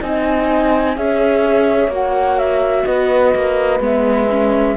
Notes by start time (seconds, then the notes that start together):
0.00 C4 D#4 D#5 G#5
0.95 C#4 G#4 C#5 E5
1.87 A#3 F#4
1.93 F#5
2.38 E5
2.85 B3 B4 D#5
3.35 A#3
3.80 G#3 B3 E5
4.30 C#4